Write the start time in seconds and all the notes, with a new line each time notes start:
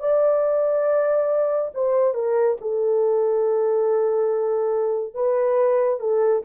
0.00 D5
1.75 C5
2.15 A#4
2.61 A4
5.15 B4
6.00 A4